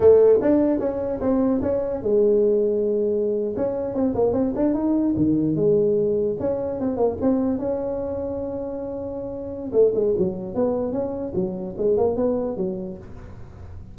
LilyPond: \new Staff \with { instrumentName = "tuba" } { \time 4/4 \tempo 4 = 148 a4 d'4 cis'4 c'4 | cis'4 gis2.~ | gis8. cis'4 c'8 ais8 c'8 d'8 dis'16~ | dis'8. dis4 gis2 cis'16~ |
cis'8. c'8 ais8 c'4 cis'4~ cis'16~ | cis'1 | a8 gis8 fis4 b4 cis'4 | fis4 gis8 ais8 b4 fis4 | }